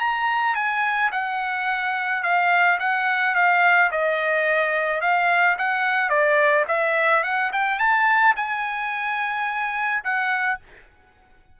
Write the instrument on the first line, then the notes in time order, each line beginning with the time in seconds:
trumpet
0.00 A#5
0.55 G#5
1.12 F#5
2.23 F5
2.80 F#5
3.35 F5
3.92 D#5
5.02 F5
5.59 F#5
6.10 D5
6.68 E5
7.24 F#5
7.53 G5
7.79 A5
8.37 G#5
10.04 F#5